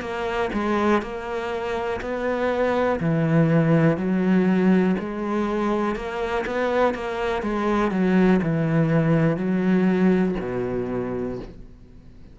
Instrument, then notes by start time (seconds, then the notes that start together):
cello
0.00 A#3
0.53 G#3
1.02 A#3
2.01 B3
3.00 E3
3.97 F#3
4.99 G#3
5.95 A#3
6.46 B3
6.94 A#3
7.42 G#3
7.91 F#3
8.42 E3
9.36 F#3
10.40 B2